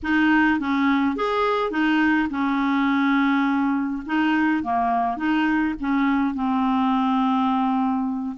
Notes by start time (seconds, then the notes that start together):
0.02 D#4
0.59 C#4
1.15 G#4
1.70 D#4
2.30 C#4
4.05 D#4
4.63 A#3
5.16 D#4
5.80 C#4
6.34 C4